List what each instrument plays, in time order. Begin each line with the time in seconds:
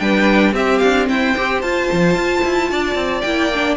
0.00 cello G3, viola D4, violin B4 G5
0.53 cello C4, viola C4, violin G4 E5
0.79 cello D4, violin F5
1.09 cello E4, violin C5 G5
1.37 cello C4, viola G4
1.62 cello F4, viola F4, violin A5
1.92 cello F3
2.15 cello F4
2.44 cello E4
2.71 cello D4, violin D5
2.95 cello C4
3.21 cello A#3, viola E4, violin G5
3.54 viola D4